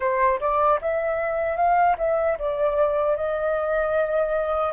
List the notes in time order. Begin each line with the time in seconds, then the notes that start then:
0.00 C5
0.39 D5
0.81 E5
1.56 F5
1.97 E5
2.38 D5
3.16 D#5